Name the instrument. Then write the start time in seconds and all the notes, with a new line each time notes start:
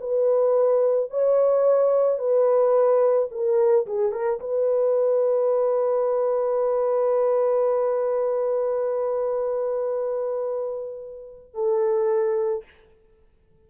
horn
0.00 B4
1.10 C#5
2.18 B4
3.31 A#4
3.86 G#4
4.12 A#4
4.40 B4
11.54 A4